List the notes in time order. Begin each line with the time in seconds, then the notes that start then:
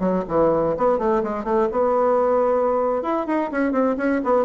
0.00 F#3
0.28 E3
0.78 B3
0.99 A3
1.24 G#3
1.45 A3
1.72 B3
3.03 E4
3.27 D#4
3.52 C#4
3.72 C4
3.98 C#4
4.24 B3